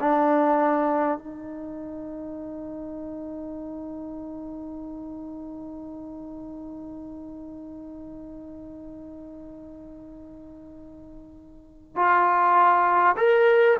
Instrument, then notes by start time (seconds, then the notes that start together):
trombone
0.00 D4
1.18 D#4
11.96 F4
13.17 A#4